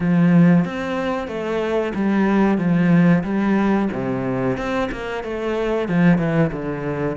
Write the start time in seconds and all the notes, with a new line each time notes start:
0.00 F3
0.64 C4
1.27 A3
1.94 G3
2.58 F3
3.23 G3
3.92 C3
4.57 C4
4.91 A#3
5.23 A3
5.88 F3
6.18 E3
6.52 D3